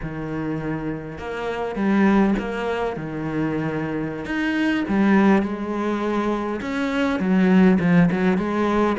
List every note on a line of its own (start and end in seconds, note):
0.02 1.18 D#3
1.18 1.75 A#3
1.75 2.34 G3
2.38 2.96 A#3
2.96 4.25 D#3
4.25 4.84 D#4
4.88 5.42 G3
5.42 6.60 G#3
6.61 7.19 C#4
7.19 7.78 F#3
7.79 8.09 F3
8.11 8.37 F#3
8.37 8.96 G#3